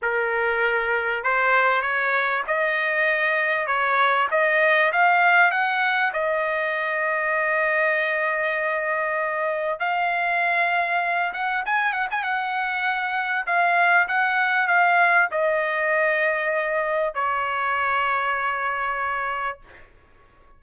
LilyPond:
\new Staff \with { instrumentName = "trumpet" } { \time 4/4 \tempo 4 = 98 ais'2 c''4 cis''4 | dis''2 cis''4 dis''4 | f''4 fis''4 dis''2~ | dis''1 |
f''2~ f''8 fis''8 gis''8 fis''16 gis''16 | fis''2 f''4 fis''4 | f''4 dis''2. | cis''1 | }